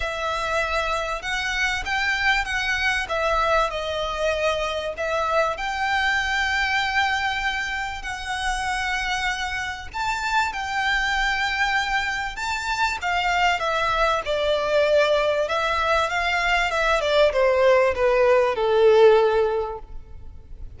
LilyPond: \new Staff \with { instrumentName = "violin" } { \time 4/4 \tempo 4 = 97 e''2 fis''4 g''4 | fis''4 e''4 dis''2 | e''4 g''2.~ | g''4 fis''2. |
a''4 g''2. | a''4 f''4 e''4 d''4~ | d''4 e''4 f''4 e''8 d''8 | c''4 b'4 a'2 | }